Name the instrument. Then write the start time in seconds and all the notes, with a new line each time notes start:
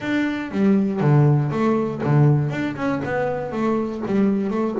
double bass
0.00 D4
0.51 G3
1.00 D3
1.51 A3
2.03 D3
2.50 D4
2.76 C#4
3.04 B3
3.52 A3
4.06 G3
4.50 A3